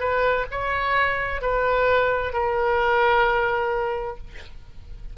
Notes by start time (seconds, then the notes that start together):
0.00 B4
0.51 C#5
1.41 B4
2.33 A#4